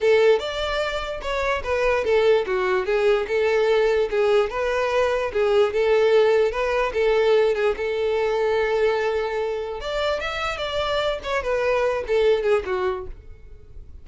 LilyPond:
\new Staff \with { instrumentName = "violin" } { \time 4/4 \tempo 4 = 147 a'4 d''2 cis''4 | b'4 a'4 fis'4 gis'4 | a'2 gis'4 b'4~ | b'4 gis'4 a'2 |
b'4 a'4. gis'8 a'4~ | a'1 | d''4 e''4 d''4. cis''8 | b'4. a'4 gis'8 fis'4 | }